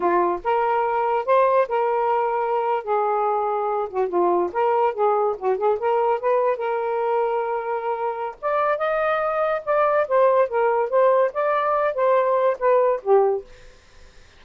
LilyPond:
\new Staff \with { instrumentName = "saxophone" } { \time 4/4 \tempo 4 = 143 f'4 ais'2 c''4 | ais'2~ ais'8. gis'4~ gis'16~ | gis'4~ gis'16 fis'8 f'4 ais'4 gis'16~ | gis'8. fis'8 gis'8 ais'4 b'4 ais'16~ |
ais'1 | d''4 dis''2 d''4 | c''4 ais'4 c''4 d''4~ | d''8 c''4. b'4 g'4 | }